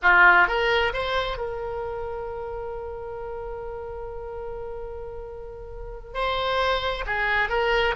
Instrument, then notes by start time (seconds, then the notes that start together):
oboe
0.02 F4
0.47 A#4
0.93 C5
1.37 A#4
6.14 C5
7.06 G#4
7.49 A#4